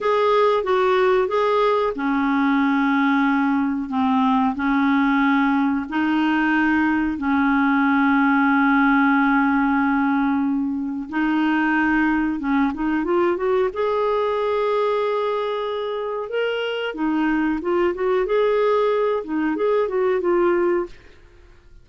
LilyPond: \new Staff \with { instrumentName = "clarinet" } { \time 4/4 \tempo 4 = 92 gis'4 fis'4 gis'4 cis'4~ | cis'2 c'4 cis'4~ | cis'4 dis'2 cis'4~ | cis'1~ |
cis'4 dis'2 cis'8 dis'8 | f'8 fis'8 gis'2.~ | gis'4 ais'4 dis'4 f'8 fis'8 | gis'4. dis'8 gis'8 fis'8 f'4 | }